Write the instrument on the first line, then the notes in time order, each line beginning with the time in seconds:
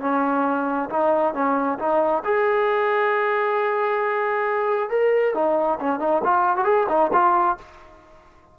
trombone
0.00 C#4
0.89 D#4
1.34 C#4
1.79 D#4
2.24 G#4
4.89 A#4
5.34 D#4
5.79 C#4
5.99 D#4
6.24 F4
6.56 F#4
6.64 G#4
6.88 D#4
7.13 F4